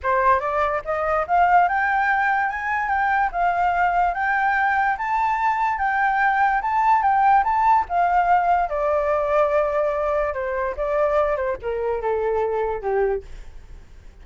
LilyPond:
\new Staff \with { instrumentName = "flute" } { \time 4/4 \tempo 4 = 145 c''4 d''4 dis''4 f''4 | g''2 gis''4 g''4 | f''2 g''2 | a''2 g''2 |
a''4 g''4 a''4 f''4~ | f''4 d''2.~ | d''4 c''4 d''4. c''8 | ais'4 a'2 g'4 | }